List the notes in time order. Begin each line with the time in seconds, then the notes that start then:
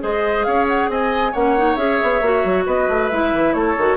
0.00 G#3 G#4 C5 D#5
0.43 C#4 C#5 F5
0.67 F#5
0.88 C4 D#5 G#5
1.31 A#3 C#4 C#5 F#5
1.57 D#4
1.75 C#4 G#4 E5
2.02 B3
2.21 A#3 F#4
2.44 F#3
2.65 B3 B4 D#5
2.88 A3
3.09 G#3 E4 E5
3.33 E3
3.53 A3 A4 C#5
3.77 D#3 F#4